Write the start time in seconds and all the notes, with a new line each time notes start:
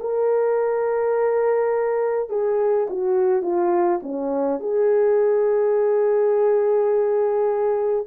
0.00 A#4
2.30 G#4
2.90 F#4
3.42 F4
4.03 C#4
4.59 G#4